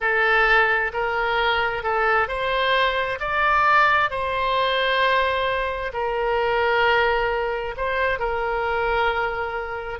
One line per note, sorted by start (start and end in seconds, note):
0.01 0.92 A4
0.93 1.83 A#4
1.83 2.27 A4
2.27 3.18 C5
3.20 4.10 D5
4.10 5.92 C5
5.93 7.75 A#4
7.76 8.19 C5
8.19 9.99 A#4